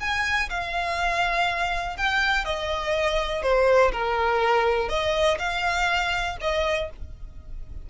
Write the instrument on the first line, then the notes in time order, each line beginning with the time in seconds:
violin
0.00 G#5
0.50 F5
1.97 G5
2.45 D#5
3.42 C5
3.92 A#4
4.89 D#5
5.39 F5
6.41 D#5